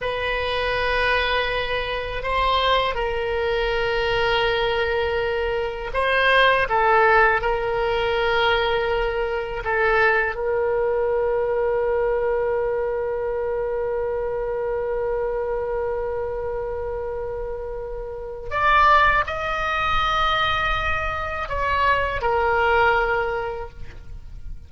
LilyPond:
\new Staff \with { instrumentName = "oboe" } { \time 4/4 \tempo 4 = 81 b'2. c''4 | ais'1 | c''4 a'4 ais'2~ | ais'4 a'4 ais'2~ |
ais'1~ | ais'1~ | ais'4 d''4 dis''2~ | dis''4 cis''4 ais'2 | }